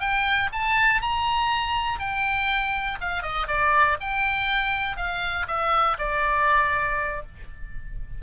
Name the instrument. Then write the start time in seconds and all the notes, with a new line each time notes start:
oboe
0.00 G5
0.52 A5
1.02 A#5
1.99 G5
3.01 F5
3.22 D#5
3.48 D5
4.00 G5
4.97 F5
5.48 E5
5.98 D5